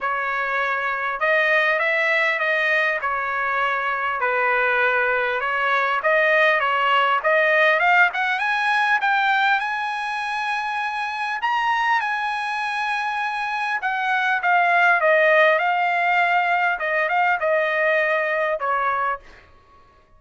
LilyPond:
\new Staff \with { instrumentName = "trumpet" } { \time 4/4 \tempo 4 = 100 cis''2 dis''4 e''4 | dis''4 cis''2 b'4~ | b'4 cis''4 dis''4 cis''4 | dis''4 f''8 fis''8 gis''4 g''4 |
gis''2. ais''4 | gis''2. fis''4 | f''4 dis''4 f''2 | dis''8 f''8 dis''2 cis''4 | }